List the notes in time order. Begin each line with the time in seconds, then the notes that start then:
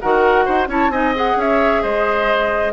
0.00 D#3 F#4 A#4 F#5
0.45 D#4 C5
0.67 C#4 E4 C#5 A5
0.88 C4 D#4 D#5 G#5
1.14 G#4 F#5
1.36 C#4 C#5 E5
1.82 G#3 C5 D#5